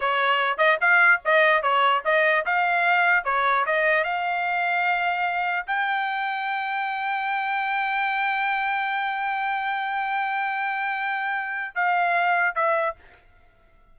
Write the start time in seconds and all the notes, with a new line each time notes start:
0.00 C#5
0.57 D#5
0.80 F5
1.24 D#5
1.62 C#5
2.04 D#5
2.45 F5
3.24 C#5
3.66 D#5
4.03 F5
5.66 G5
11.75 F5
12.55 E5